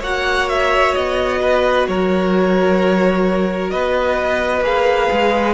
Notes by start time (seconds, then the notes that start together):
0.00 A#3 F#4 C#5 F#5
0.48 E5
0.94 B3 D#5
1.42 B4
1.87 F#3 A#4 C#5
3.70 B3 B4 D#5
4.61 A#3 G#4 F5
5.11 G#3